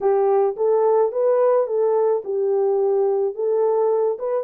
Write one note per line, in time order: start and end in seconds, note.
0.00 0.56 G4
0.56 1.11 A4
1.11 1.66 B4
1.66 2.22 A4
2.24 3.34 G4
3.34 4.18 A4
4.18 4.44 B4